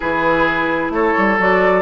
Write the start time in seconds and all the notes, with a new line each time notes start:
0.00 E3 E4 G#4 B4
0.89 A3 A4 C#5
1.17 G3
1.38 F#3 F#4 D5